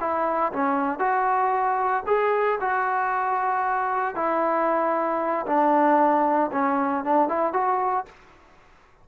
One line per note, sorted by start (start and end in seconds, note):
0.00 0.52 E4
0.52 0.99 C#4
0.99 2.03 F#4
2.07 2.59 G#4
2.60 4.15 F#4
4.15 5.46 E4
5.46 6.50 D4
6.52 7.04 C#4
7.04 7.29 D4
7.29 7.53 E4
7.53 8.05 F#4